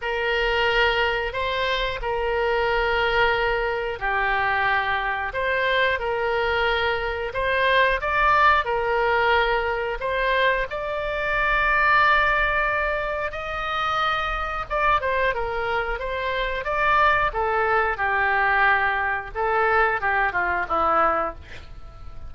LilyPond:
\new Staff \with { instrumentName = "oboe" } { \time 4/4 \tempo 4 = 90 ais'2 c''4 ais'4~ | ais'2 g'2 | c''4 ais'2 c''4 | d''4 ais'2 c''4 |
d''1 | dis''2 d''8 c''8 ais'4 | c''4 d''4 a'4 g'4~ | g'4 a'4 g'8 f'8 e'4 | }